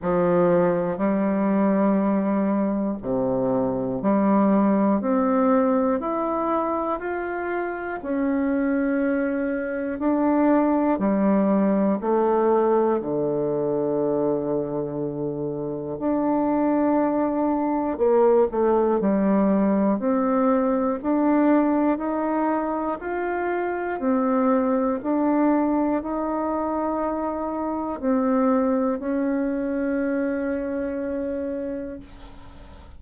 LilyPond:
\new Staff \with { instrumentName = "bassoon" } { \time 4/4 \tempo 4 = 60 f4 g2 c4 | g4 c'4 e'4 f'4 | cis'2 d'4 g4 | a4 d2. |
d'2 ais8 a8 g4 | c'4 d'4 dis'4 f'4 | c'4 d'4 dis'2 | c'4 cis'2. | }